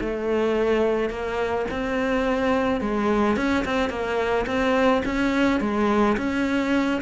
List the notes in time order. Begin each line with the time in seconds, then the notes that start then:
0.00 A3
1.09 A#3
1.70 C4
2.81 G#3
3.36 C#4
3.64 C4
3.89 A#3
4.46 C4
5.05 C#4
5.60 G#3
6.17 C#4